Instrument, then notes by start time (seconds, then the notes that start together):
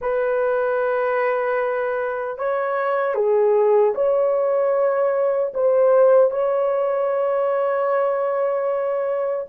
horn
0.01 B4
2.38 C#5
3.14 G#4
3.95 C#5
5.53 C5
6.30 C#5